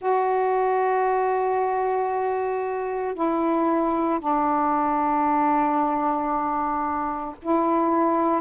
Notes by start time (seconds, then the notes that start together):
0.01 F#4
3.14 E4
4.19 D4
7.42 E4